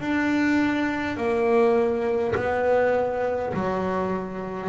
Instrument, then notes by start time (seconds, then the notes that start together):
double bass
0.00 D4
1.17 A#3
2.35 B3
3.53 F#3